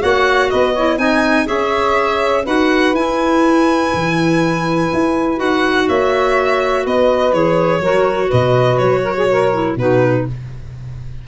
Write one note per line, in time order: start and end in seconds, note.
0.00 0.53 A#3
0.00 0.74 F#4
0.00 0.49 C#5
0.00 0.51 F#5
0.51 0.98 B3
0.51 0.73 B4
0.51 0.98 D#5
0.73 0.98 E4
0.73 0.97 C#5
0.98 1.47 C4
0.98 1.47 D#4
0.98 1.46 D#5
0.98 1.47 G#5
1.46 2.47 C#4
1.46 2.44 G#4
1.46 2.44 C#5
1.46 2.45 E5
2.44 2.93 D#4
2.44 2.95 F#4
2.44 5.85 B4
2.44 2.95 F#5
2.93 3.90 E4
2.93 5.36 E4
2.93 5.39 G#5
3.94 4.92 E3
4.93 5.40 E4
5.36 5.88 D#4
5.36 7.32 F#4
5.36 5.89 F#5
5.87 6.86 A#3
5.87 6.84 C#5
5.87 6.86 E5
6.84 7.33 B3
6.84 7.80 B4
6.84 7.33 D#5
7.33 7.80 E3
7.33 7.82 G#4
7.33 8.31 C#5
7.80 8.29 F#3
7.80 9.53 F#4
7.80 8.28 A#4
8.28 8.80 B2
8.28 9.01 B4
8.28 8.78 D#5
8.78 9.76 F#3
8.78 9.76 C#5
9.04 9.16 A#4
9.17 9.29 G#4
9.30 9.76 A#4
9.53 9.78 E4
9.76 10.25 B2
9.76 10.27 D#4
9.76 10.25 F#4
9.76 10.28 B4